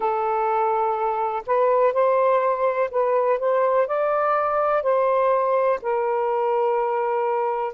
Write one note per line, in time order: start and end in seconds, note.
0.00 1.43 A4
1.46 1.93 B4
1.93 2.89 C5
2.90 3.39 B4
3.39 3.87 C5
3.87 4.82 D5
4.82 5.79 C5
5.82 7.73 A#4